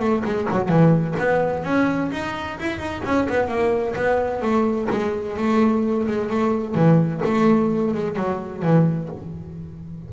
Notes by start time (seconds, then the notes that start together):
0.00 A3
0.25 G#3
0.51 F#3
0.69 E3
1.19 B3
1.64 C#4
2.12 D#4
2.60 E4
2.79 D#4
3.05 C#4
3.29 B3
3.48 A#3
3.96 B3
4.42 A3
4.91 G#3
5.37 A3
6.07 G#3
6.30 A3
6.75 E3
7.25 A3
7.95 G#3
8.16 F#3
8.63 E3